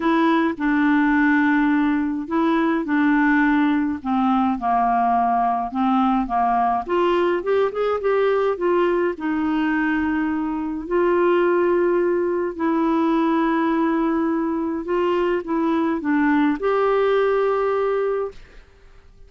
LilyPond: \new Staff \with { instrumentName = "clarinet" } { \time 4/4 \tempo 4 = 105 e'4 d'2. | e'4 d'2 c'4 | ais2 c'4 ais4 | f'4 g'8 gis'8 g'4 f'4 |
dis'2. f'4~ | f'2 e'2~ | e'2 f'4 e'4 | d'4 g'2. | }